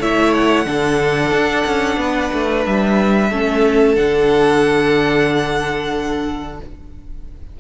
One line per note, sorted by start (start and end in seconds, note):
0.00 0.66 A3
0.00 0.66 E4
0.00 0.66 C#5
0.00 0.34 E5
0.34 2.65 F#5
0.66 1.32 D3
0.66 3.30 D4
0.66 2.00 A4
1.32 1.65 D4
1.66 1.97 C#4
1.97 2.30 B3
1.97 3.30 B4
2.34 2.66 A3
2.66 3.31 G3
2.66 3.95 E5
3.30 3.97 A3
3.30 3.96 C#4
3.30 6.60 A4
3.95 6.60 D3
3.95 6.60 D4
3.95 6.59 F#5